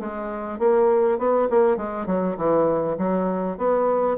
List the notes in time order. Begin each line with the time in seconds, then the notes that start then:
0.00 G#3
0.59 A#3
1.19 B3
1.51 A#3
1.77 G#3
2.07 F#3
2.38 E3
2.98 F#3
3.58 B3